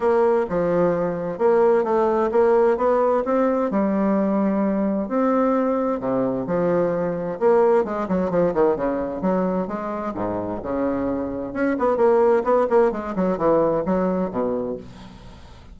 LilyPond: \new Staff \with { instrumentName = "bassoon" } { \time 4/4 \tempo 4 = 130 ais4 f2 ais4 | a4 ais4 b4 c'4 | g2. c'4~ | c'4 c4 f2 |
ais4 gis8 fis8 f8 dis8 cis4 | fis4 gis4 gis,4 cis4~ | cis4 cis'8 b8 ais4 b8 ais8 | gis8 fis8 e4 fis4 b,4 | }